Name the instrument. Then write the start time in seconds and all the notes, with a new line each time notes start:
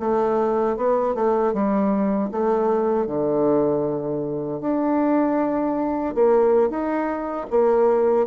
bassoon
0.00 A3
0.77 B3
1.15 A3
1.53 G3
2.31 A3
3.07 D3
4.61 D4
6.15 A#3
6.70 D#4
7.50 A#3